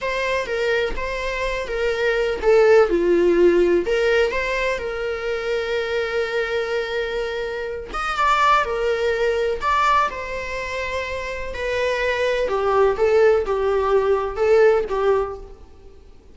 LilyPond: \new Staff \with { instrumentName = "viola" } { \time 4/4 \tempo 4 = 125 c''4 ais'4 c''4. ais'8~ | ais'4 a'4 f'2 | ais'4 c''4 ais'2~ | ais'1~ |
ais'8 dis''8 d''4 ais'2 | d''4 c''2. | b'2 g'4 a'4 | g'2 a'4 g'4 | }